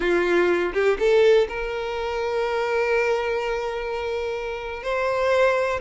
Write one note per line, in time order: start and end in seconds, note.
0.00 0.72 F4
0.73 0.97 G4
0.99 1.47 A4
1.48 4.83 A#4
4.83 5.80 C5